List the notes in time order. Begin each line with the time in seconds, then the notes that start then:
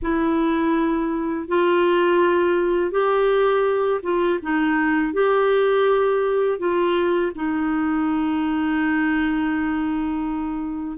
0.02 E4
1.48 F4
2.91 G4
4.02 F4
4.42 D#4
5.13 G4
6.59 F4
7.35 D#4